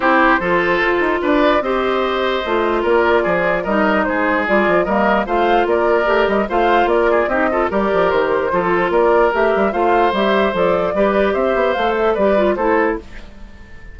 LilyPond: <<
  \new Staff \with { instrumentName = "flute" } { \time 4/4 \tempo 4 = 148 c''2. d''4 | dis''2. d''4~ | d''4 dis''4 c''4 d''4 | dis''4 f''4 d''4. dis''8 |
f''4 d''4 dis''4 d''4 | c''2 d''4 e''4 | f''4 e''4 d''2 | e''4 f''8 e''8 d''4 c''4 | }
  \new Staff \with { instrumentName = "oboe" } { \time 4/4 g'4 a'2 b'4 | c''2. ais'4 | gis'4 ais'4 gis'2 | ais'4 c''4 ais'2 |
c''4 ais'8 gis'8 g'8 a'8 ais'4~ | ais'4 a'4 ais'2 | c''2. b'4 | c''2 b'4 a'4 | }
  \new Staff \with { instrumentName = "clarinet" } { \time 4/4 e'4 f'2. | g'2 f'2~ | f'4 dis'2 f'4 | ais4 f'2 g'4 |
f'2 dis'8 f'8 g'4~ | g'4 f'2 g'4 | f'4 g'4 a'4 g'4~ | g'4 a'4 g'8 f'8 e'4 | }
  \new Staff \with { instrumentName = "bassoon" } { \time 4/4 c'4 f4 f'8 dis'8 d'4 | c'2 a4 ais4 | f4 g4 gis4 g8 f8 | g4 a4 ais4 a8 g8 |
a4 ais4 c'4 g8 f8 | dis4 f4 ais4 a8 g8 | a4 g4 f4 g4 | c'8 b8 a4 g4 a4 | }
>>